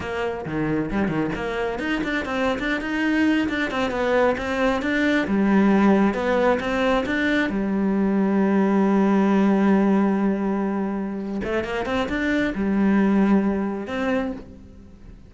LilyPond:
\new Staff \with { instrumentName = "cello" } { \time 4/4 \tempo 4 = 134 ais4 dis4 g8 dis8 ais4 | dis'8 d'8 c'8. d'8 dis'4. d'16~ | d'16 c'8 b4 c'4 d'4 g16~ | g4.~ g16 b4 c'4 d'16~ |
d'8. g2.~ g16~ | g1~ | g4. a8 ais8 c'8 d'4 | g2. c'4 | }